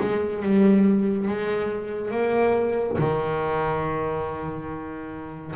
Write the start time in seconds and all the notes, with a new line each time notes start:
0.00 G#3
0.42 G3
1.27 G#3
2.11 A#3
2.98 D#3